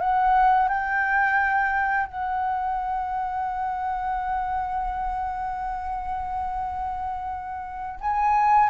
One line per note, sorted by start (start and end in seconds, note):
0.00 0.69 F#5
0.69 2.07 G5
2.07 8.00 F#5
8.01 8.70 G#5